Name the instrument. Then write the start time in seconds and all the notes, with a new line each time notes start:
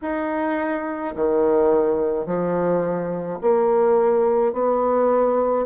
bassoon
0.01 D#4
1.15 D#3
2.25 F3
3.41 A#3
4.52 B3